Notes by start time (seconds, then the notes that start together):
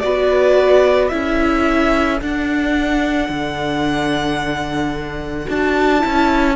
0.00 B3 F#4 B4 D5
1.09 C#4 E4 A4 E5
2.20 D4 F#5
3.29 D3
5.45 D4 F#4 A5
5.99 E4
6.05 C#4